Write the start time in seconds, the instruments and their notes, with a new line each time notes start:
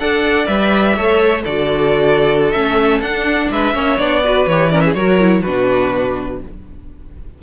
0.00 cello D4, viola A4, violin D5 F#5
0.47 cello G3, viola B4, violin E5
0.96 cello A3, viola A4, violin C#5
1.43 cello D3, viola F#4, violin A4 D5
2.52 cello A3, viola C#4, violin E5
3.02 cello D4, viola D4, violin F#5
3.51 cello G#3, violin B4 E5
3.74 cello A#3, viola C#4, violin C#5
3.98 cello B3, viola D4, violin D5
4.24 viola F#4, violin B4
4.47 cello E3, viola G4, violin C#5
4.70 viola C#4, violin A#4 D5
4.81 violin G#4 E5
4.95 cello F#3, viola F#4, violin A#4 C#5
5.20 viola E4
5.42 cello B2, viola D4, violin F#4 B4